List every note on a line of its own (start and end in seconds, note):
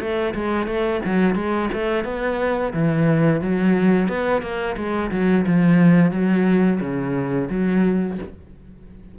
0.00 0.34 A3
0.34 0.67 G#3
0.67 1.01 A3
1.05 1.35 F#3
1.35 1.69 G#3
1.73 2.05 A3
2.05 2.73 B3
2.73 3.41 E3
3.41 4.08 F#3
4.08 4.42 B3
4.42 4.76 A#3
4.77 5.11 G#3
5.11 5.45 F#3
5.47 6.11 F3
6.11 6.80 F#3
6.80 7.48 C#3
7.50 8.18 F#3